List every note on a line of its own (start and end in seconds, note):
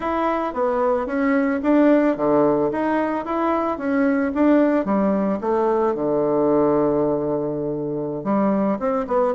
0.00 0.53 E4
0.53 1.06 B3
1.06 1.60 C#4
1.62 2.16 D4
2.16 2.71 D3
2.71 3.25 D#4
3.25 3.78 E4
3.78 4.32 C#4
4.34 4.85 D4
4.85 5.39 G3
5.40 5.94 A3
5.94 8.24 D3
8.24 8.78 G3
8.79 9.06 C4
9.07 9.34 B3